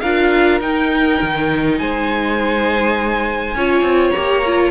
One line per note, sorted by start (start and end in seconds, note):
0.00 0.60 D4
0.00 0.61 F4
0.00 1.78 A#4
0.00 0.59 F5
0.60 1.19 D#4
0.60 3.55 D#4
0.60 1.78 G5
1.21 1.80 D#3
1.78 3.54 G#3
1.78 3.56 C5
1.78 4.10 G#5
3.54 3.81 C#4
3.54 4.14 F4
3.54 4.71 C#5
3.81 4.10 C4
4.10 4.43 G4
4.10 4.69 A#5
4.17 4.71 A#3
4.46 4.71 F4